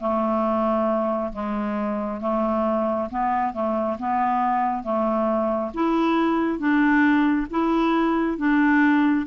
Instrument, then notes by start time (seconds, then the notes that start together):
clarinet
0.00 A3
1.33 G#3
2.21 A3
3.10 B3
3.53 A3
3.99 B3
4.83 A3
5.74 E4
6.59 D4
7.50 E4
8.38 D4